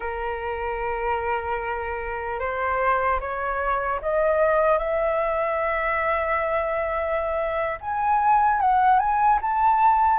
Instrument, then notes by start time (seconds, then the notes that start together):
flute
0.00 A#4
2.39 C5
3.20 C#5
4.01 D#5
4.78 E5
7.80 G#5
8.60 F#5
8.99 G#5
9.41 A5